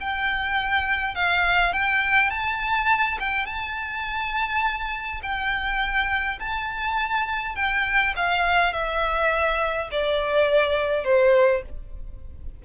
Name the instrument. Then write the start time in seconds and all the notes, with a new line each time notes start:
violin
0.00 G5
1.15 F5
1.73 G5
2.30 A5
3.20 G5
3.46 A5
5.23 G5
6.39 A5
7.56 G5
8.16 F5
8.73 E5
9.91 D5
11.04 C5